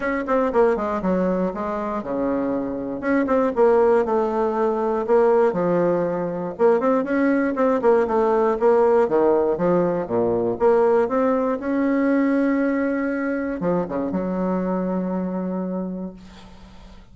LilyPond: \new Staff \with { instrumentName = "bassoon" } { \time 4/4 \tempo 4 = 119 cis'8 c'8 ais8 gis8 fis4 gis4 | cis2 cis'8 c'8 ais4 | a2 ais4 f4~ | f4 ais8 c'8 cis'4 c'8 ais8 |
a4 ais4 dis4 f4 | ais,4 ais4 c'4 cis'4~ | cis'2. f8 cis8 | fis1 | }